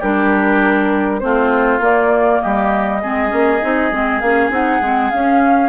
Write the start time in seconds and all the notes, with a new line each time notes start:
0.00 G3 D4 G4 A#4
1.20 A3 C4 F4 C5
1.80 A#3 D5
2.42 G3 G4 D#5
3.02 G#3 C4 G#4
3.29 A#3 C#4
3.62 C4 D#4
3.92 G#3 C4
4.20 A#3 C#4 F5
4.50 C4 D#4 F#5
4.82 G#3 C4
5.11 C#4 F5